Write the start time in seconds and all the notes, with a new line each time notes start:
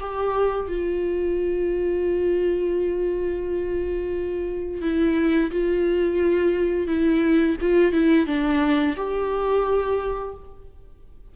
0.00 G4
0.68 F4
4.82 E4
5.51 F4
6.87 E4
7.61 F4
7.93 E4
8.27 D4
8.97 G4